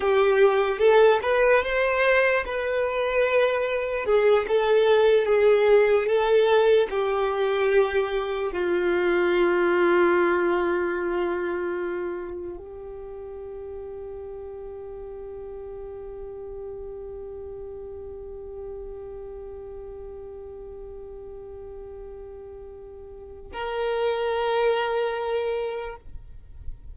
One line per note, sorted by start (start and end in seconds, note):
0.00 0.79 G4
0.79 1.19 A4
1.22 1.63 B4
1.63 2.44 C5
2.45 4.05 B4
4.05 4.46 G#4
4.48 5.25 A4
5.25 6.06 G#4
6.06 6.87 A4
6.90 8.52 G4
8.52 12.57 F4
12.57 23.52 G4
23.52 25.96 A#4